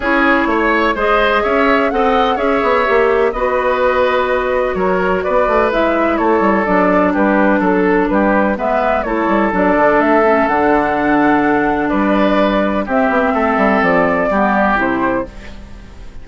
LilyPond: <<
  \new Staff \with { instrumentName = "flute" } { \time 4/4 \tempo 4 = 126 cis''2 dis''4 e''4 | fis''4 e''2 dis''4~ | dis''2 cis''4 d''4 | e''4 cis''4 d''4 b'4 |
a'4 b'4 e''4 cis''4 | d''4 e''4 fis''2~ | fis''4 d''2 e''4~ | e''4 d''2 c''4 | }
  \new Staff \with { instrumentName = "oboe" } { \time 4/4 gis'4 cis''4 c''4 cis''4 | dis''4 cis''2 b'4~ | b'2 ais'4 b'4~ | b'4 a'2 g'4 |
a'4 g'4 b'4 a'4~ | a'1~ | a'4 b'2 g'4 | a'2 g'2 | }
  \new Staff \with { instrumentName = "clarinet" } { \time 4/4 e'2 gis'2 | a'4 gis'4 g'4 fis'4~ | fis'1 | e'2 d'2~ |
d'2 b4 e'4 | d'4. cis'8 d'2~ | d'2. c'4~ | c'2 b4 e'4 | }
  \new Staff \with { instrumentName = "bassoon" } { \time 4/4 cis'4 a4 gis4 cis'4 | c'4 cis'8 b8 ais4 b4~ | b2 fis4 b8 a8 | gis4 a8 g8 fis4 g4 |
fis4 g4 gis4 a8 g8 | fis8 d8 a4 d2~ | d4 g2 c'8 b8 | a8 g8 f4 g4 c4 | }
>>